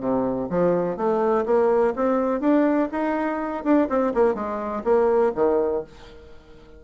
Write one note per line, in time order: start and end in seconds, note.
0.00 0.48 C3
0.49 0.97 F3
0.97 1.45 A3
1.45 1.94 A#3
1.96 2.40 C4
2.40 2.89 D4
2.92 3.64 D#4
3.64 3.88 D4
3.89 4.13 C4
4.14 4.34 A#3
4.34 4.83 G#3
4.84 5.32 A#3
5.35 5.84 D#3